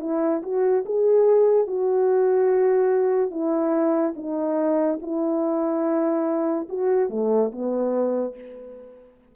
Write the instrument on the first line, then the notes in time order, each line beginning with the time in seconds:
horn
0.00 E4
0.42 F#4
0.85 G#4
1.67 F#4
3.30 E4
4.16 D#4
5.01 E4
6.69 F#4
7.09 A3
7.52 B3